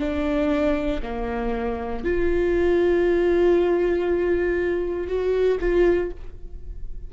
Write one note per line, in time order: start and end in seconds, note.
0.00 1.02 D4
1.03 2.04 A#3
2.05 5.08 F4
5.08 5.58 F#4
5.60 6.11 F4